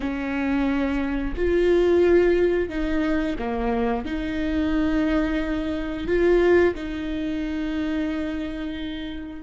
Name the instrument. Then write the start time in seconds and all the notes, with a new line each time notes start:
viola
0.00 C#4
1.35 F4
2.69 D#4
3.38 A#3
4.05 D#4
6.07 F4
6.74 D#4